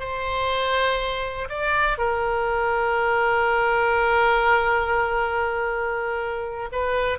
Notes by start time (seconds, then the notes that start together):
0.00 C5
1.49 D5
1.98 A#4
6.72 B4